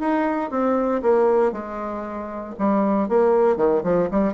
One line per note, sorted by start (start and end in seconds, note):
0.00 0.51 D#4
0.51 1.02 C4
1.02 1.52 A#3
1.52 2.55 G#3
2.59 3.09 G3
3.09 3.57 A#3
3.57 3.82 D#3
3.83 4.09 F3
4.11 4.34 G3